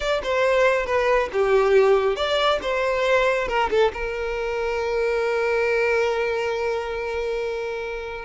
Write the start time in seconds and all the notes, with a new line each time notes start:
0.00 D5
0.23 C5
0.85 B4
1.32 G4
2.15 D5
2.62 C5
3.48 A#4
3.70 A4
3.93 A#4